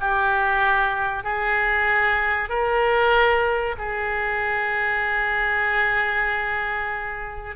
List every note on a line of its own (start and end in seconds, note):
0.00 1.23 G4
1.23 2.49 G#4
2.49 3.76 A#4
3.78 7.56 G#4